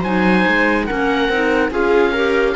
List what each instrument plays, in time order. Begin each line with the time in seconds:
0.00 cello F#3, clarinet D#4, viola C5, oboe G#5
0.48 cello G#3
0.87 cello A#3, clarinet C#4, viola A#4, oboe F#5
1.29 cello C4, clarinet D#4
1.71 cello C#4, clarinet F4, viola G#4, oboe F5
2.13 clarinet G4, viola A#4